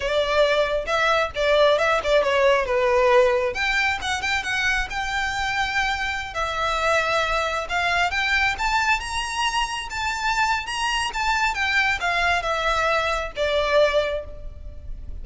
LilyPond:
\new Staff \with { instrumentName = "violin" } { \time 4/4 \tempo 4 = 135 d''2 e''4 d''4 | e''8 d''8 cis''4 b'2 | g''4 fis''8 g''8 fis''4 g''4~ | g''2~ g''16 e''4.~ e''16~ |
e''4~ e''16 f''4 g''4 a''8.~ | a''16 ais''2 a''4.~ a''16 | ais''4 a''4 g''4 f''4 | e''2 d''2 | }